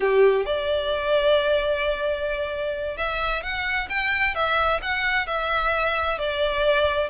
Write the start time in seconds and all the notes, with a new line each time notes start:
0.00 G4
0.45 D5
2.97 E5
3.42 F#5
3.89 G5
4.34 E5
4.82 F#5
5.26 E5
6.18 D5